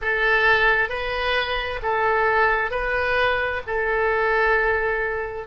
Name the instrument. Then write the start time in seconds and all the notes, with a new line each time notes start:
oboe
0.01 A4
0.89 B4
1.82 A4
2.70 B4
3.66 A4